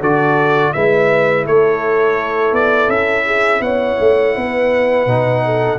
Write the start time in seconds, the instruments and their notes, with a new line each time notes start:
0.00 tuba D3, trombone F#4, horn A4, trumpet D5
0.73 tuba G#3, trombone E4, horn B4, trumpet E5
1.46 tuba A3, horn A4, trumpet C#5
2.52 tuba B3, trumpet D5
2.88 tuba C#4, trumpet E5
3.26 horn G#4
3.60 tuba B3, horn C#5, trumpet F#5
4.00 tuba A3
4.35 tuba B3, horn B4
5.06 tuba B2, trombone D#4
5.45 horn A4